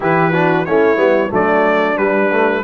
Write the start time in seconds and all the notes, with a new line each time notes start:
0.00 E3 E4 G4 B4
0.32 D4 F#4
0.65 A3 C#4 E4 C#5
0.96 G3 B3
1.31 F#3 A3 D4 D5
1.96 G3 B4
2.31 A3